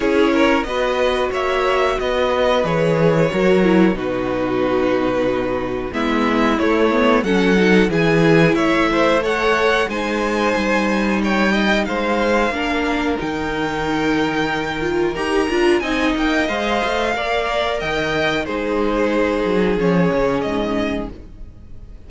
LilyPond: <<
  \new Staff \with { instrumentName = "violin" } { \time 4/4 \tempo 4 = 91 cis''4 dis''4 e''4 dis''4 | cis''2 b'2~ | b'4 e''4 cis''4 fis''4 | gis''4 e''4 fis''4 gis''4~ |
gis''4 g''4 f''2 | g''2. ais''4 | gis''8 g''8 f''2 g''4 | c''2 cis''4 dis''4 | }
  \new Staff \with { instrumentName = "violin" } { \time 4/4 gis'8 ais'8 b'4 cis''4 b'4~ | b'4 ais'4 fis'2~ | fis'4 e'2 a'4 | gis'4 cis''8 c''8 cis''4 c''4~ |
c''4 cis''8 dis''8 c''4 ais'4~ | ais'1 | dis''2 d''4 dis''4 | gis'1 | }
  \new Staff \with { instrumentName = "viola" } { \time 4/4 e'4 fis'2. | gis'4 fis'8 e'8 dis'2~ | dis'4 b4 a8 b8 cis'8 dis'8 | e'2 a'4 dis'4~ |
dis'2. d'4 | dis'2~ dis'8 f'8 g'8 f'8 | dis'4 c''4 ais'2 | dis'2 cis'2 | }
  \new Staff \with { instrumentName = "cello" } { \time 4/4 cis'4 b4 ais4 b4 | e4 fis4 b,2~ | b,4 gis4 a4 fis4 | e4 a2 gis4 |
g2 gis4 ais4 | dis2. dis'8 d'8 | c'8 ais8 gis8 a8 ais4 dis4 | gis4. fis8 f8 cis8 gis,4 | }
>>